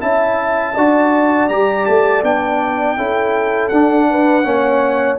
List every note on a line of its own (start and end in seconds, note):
0.00 0.76 C#4
0.00 0.74 E4
0.00 0.74 E5
0.00 1.49 A5
0.74 1.49 D4
0.74 1.50 F#4
0.74 2.96 D5
1.49 1.86 G3
1.49 2.23 G4
1.49 1.85 A#5
1.85 2.23 A3
1.85 2.23 A5
2.23 2.97 B3
2.23 2.97 D4
2.23 3.68 G5
2.97 3.71 C#4
2.97 3.71 E4
2.97 4.08 A4
3.68 4.45 D4
3.68 4.43 D4
3.68 5.16 F#5
4.10 4.46 B4
4.43 5.19 A#3
4.43 5.17 C#4
4.43 5.19 C#5